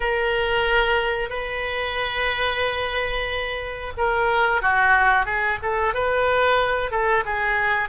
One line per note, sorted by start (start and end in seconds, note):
0.00 1.29 A#4
1.29 3.93 B4
3.97 4.61 A#4
4.61 5.25 F#4
5.25 5.58 G#4
5.62 5.94 A4
5.94 6.91 B4
6.91 7.23 A4
7.25 7.89 G#4